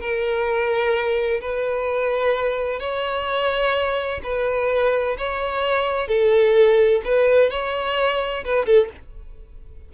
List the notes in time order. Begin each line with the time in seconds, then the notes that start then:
0.00 A#4
1.41 B4
2.80 C#5
4.23 B4
5.18 C#5
6.08 A4
7.05 B4
7.50 C#5
8.45 B4
8.65 A4